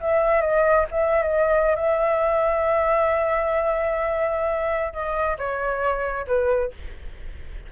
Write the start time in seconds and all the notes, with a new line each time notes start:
0.00 E5
0.41 D#5
0.91 E5
1.22 D#5
1.75 E5
4.93 D#5
5.37 C#5
6.27 B4